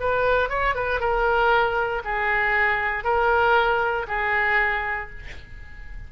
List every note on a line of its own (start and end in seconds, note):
0.00 0.49 B4
0.49 0.75 C#5
0.75 1.00 B4
1.00 2.02 A#4
2.04 3.04 G#4
3.04 4.07 A#4
4.07 5.10 G#4